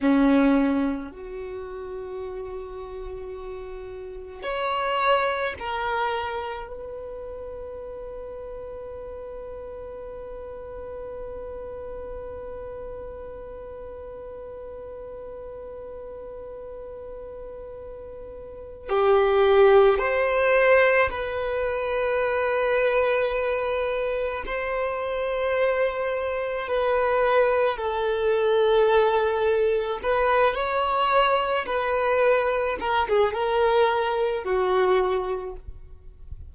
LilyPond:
\new Staff \with { instrumentName = "violin" } { \time 4/4 \tempo 4 = 54 cis'4 fis'2. | cis''4 ais'4 b'2~ | b'1~ | b'1~ |
b'4 g'4 c''4 b'4~ | b'2 c''2 | b'4 a'2 b'8 cis''8~ | cis''8 b'4 ais'16 gis'16 ais'4 fis'4 | }